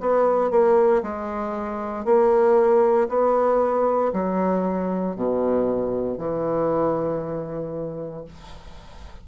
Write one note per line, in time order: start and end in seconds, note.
0.00 0.50 B3
0.50 1.02 A#3
1.03 2.05 G#3
2.05 3.08 A#3
3.08 4.12 B3
4.13 5.16 F#3
5.16 6.18 B2
6.18 8.25 E3